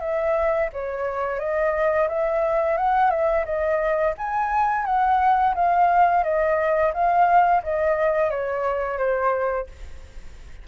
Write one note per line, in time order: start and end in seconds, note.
0.00 0.69 E5
0.72 1.39 C#5
1.39 2.08 D#5
2.08 2.77 E5
2.77 3.10 F#5
3.10 3.45 E5
3.45 4.14 D#5
4.18 4.85 G#5
4.85 5.54 F#5
5.55 6.23 F5
6.23 6.92 D#5
6.93 7.62 F5
7.63 8.30 D#5
8.30 8.98 C#5
8.98 9.67 C5